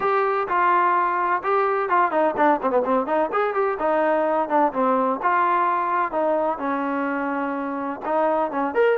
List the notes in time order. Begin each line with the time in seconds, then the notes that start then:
0.00 G4
0.48 F4
1.43 G4
1.89 F4
2.11 D#4
2.36 D4
2.62 C4
2.70 B3
2.84 C4
3.06 D#4
3.32 G#4
3.54 G4
3.79 D#4
4.49 D4
4.72 C4
5.22 F4
6.11 D#4
6.58 C#4
8.05 D#4
8.51 C#4
8.74 A#4